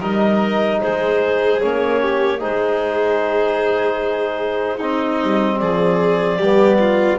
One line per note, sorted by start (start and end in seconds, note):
0.00 0.80 G3
0.00 1.61 D#4
0.00 0.80 A#4
0.00 0.81 D#5
0.81 1.64 G#3
0.81 2.02 G#4
0.81 1.61 C5
1.61 2.44 A#3
1.61 2.39 C#4
1.61 2.41 C#5
2.02 2.40 G4
2.39 5.23 G#3
2.39 4.79 D#4
2.39 4.77 G#4
2.39 4.81 C5
4.77 6.42 C4
4.77 5.57 D#4
4.77 5.59 D#5
5.23 5.61 G3
5.59 6.38 F3
5.59 6.38 G#4
5.59 7.19 D5
6.38 7.18 G3
6.38 7.19 B3
6.38 6.78 G4
6.79 7.19 F4